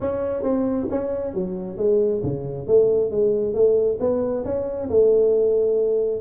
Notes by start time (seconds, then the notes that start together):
0.00 C#4
0.42 C4
0.90 C#4
1.34 F#3
1.77 G#3
2.23 C#3
2.67 A3
3.10 G#3
3.54 A3
4.00 B3
4.44 C#4
4.89 A3